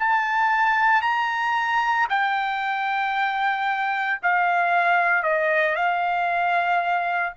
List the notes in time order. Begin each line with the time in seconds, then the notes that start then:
0.00 A5
1.02 A#5
2.10 G5
4.23 F5
5.23 D#5
5.76 F5